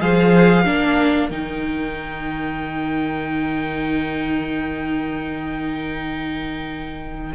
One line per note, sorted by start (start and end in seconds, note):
0.00 0.66 F3
0.00 0.65 G#4
0.00 0.63 C5
0.00 1.29 F5
0.63 1.30 A#3
0.63 1.30 D4
0.63 7.32 A#4
1.29 7.33 D#3
1.29 7.34 D#4
1.29 7.33 G5